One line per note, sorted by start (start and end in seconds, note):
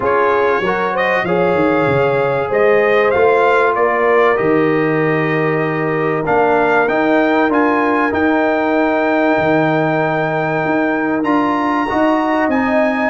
0.00 0.60 C#4
0.00 0.62 F4
0.00 0.62 G#4
0.00 0.96 C#5
0.60 1.22 F#3
0.60 1.27 F#4
0.60 0.92 A#4
0.92 1.23 C5
0.92 1.25 D#5
1.24 1.54 F3
1.24 3.14 G#4
1.24 2.48 C#5
1.24 2.50 F5
1.54 1.85 D#3
1.87 2.49 C#3
2.48 3.13 G#3
2.48 3.73 C5
2.48 3.10 D#5
3.10 3.76 A3
3.10 4.35 F4
3.10 3.73 F5
3.75 4.38 A#3
3.75 11.88 A#4
3.75 4.37 D5
4.35 6.27 D#3
4.35 6.23 G4
4.35 6.24 D#5
6.25 6.88 A#3
6.25 6.87 D4
6.25 6.88 F5
6.88 7.48 D#4
6.88 7.50 D#4
6.88 7.51 G5
7.48 8.11 D4
7.48 8.10 F4
7.48 8.13 G#5
8.10 11.23 D#4
8.10 9.37 D#4
8.10 11.23 G5
9.38 10.63 D#3
10.65 11.24 D#4
11.23 11.87 D4
11.23 11.86 F4
11.23 12.48 A#5
11.88 12.48 D#4
11.88 12.51 F#4
11.88 13.10 D#5
12.48 13.10 C4
12.48 13.10 D#4
12.48 13.10 G#5